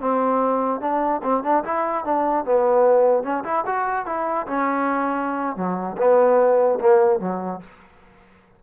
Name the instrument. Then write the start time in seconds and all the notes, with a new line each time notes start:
trombone
0.00 C4
0.81 D4
1.23 C4
1.43 D4
1.64 E4
2.04 D4
2.45 B3
3.23 C#4
3.44 E4
3.66 F#4
4.06 E4
4.47 C#4
5.56 F#3
5.98 B3
6.80 A#3
7.19 F#3